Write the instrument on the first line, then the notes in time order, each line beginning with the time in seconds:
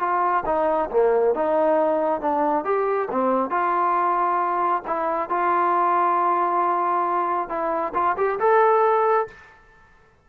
trombone
0.00 F4
0.46 D#4
0.91 A#3
1.35 D#4
2.22 D4
2.65 G4
3.11 C4
3.51 F4
4.87 E4
5.30 F4
7.49 E4
7.95 F4
8.17 G4
8.40 A4